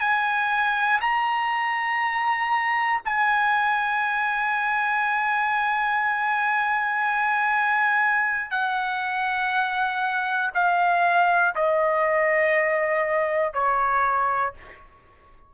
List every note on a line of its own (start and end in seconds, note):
0.00 1.00 G#5
1.00 3.00 A#5
3.05 8.50 G#5
8.50 10.50 F#5
10.55 11.55 F5
11.55 13.53 D#5
13.53 14.53 C#5